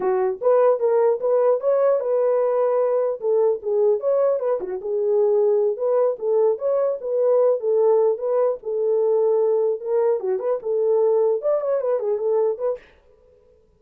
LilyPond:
\new Staff \with { instrumentName = "horn" } { \time 4/4 \tempo 4 = 150 fis'4 b'4 ais'4 b'4 | cis''4 b'2. | a'4 gis'4 cis''4 b'8 fis'8 | gis'2~ gis'8 b'4 a'8~ |
a'8 cis''4 b'4. a'4~ | a'8 b'4 a'2~ a'8~ | a'8 ais'4 fis'8 b'8 a'4.~ | a'8 d''8 cis''8 b'8 gis'8 a'4 b'8 | }